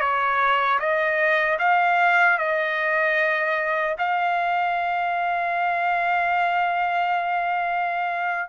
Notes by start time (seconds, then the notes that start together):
0.00 C#5
0.79 D#5
1.59 F5
2.38 D#5
3.98 F5